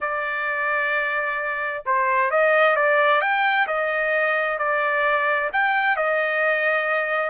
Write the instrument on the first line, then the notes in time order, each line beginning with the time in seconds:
trumpet
0.00 D5
1.85 C5
2.30 D#5
2.75 D5
3.21 G5
3.67 D#5
4.58 D5
5.52 G5
5.96 D#5